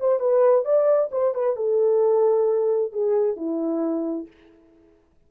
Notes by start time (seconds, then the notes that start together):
0.00 C5
0.20 B4
0.65 D5
1.12 C5
1.34 B4
1.56 A4
2.93 G#4
3.36 E4